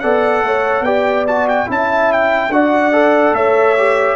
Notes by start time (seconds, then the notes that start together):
0.00 B3 A4 D5 F#5
0.43 A3 C#5
0.81 B3 G4 D5 G5
1.27 F#4 A5
1.48 G5
1.66 C#4 E4 E5 A5
2.12 G5
2.48 D4 F#4 D5 F#5
2.92 A4
3.33 A3 C#5 E5
3.77 G4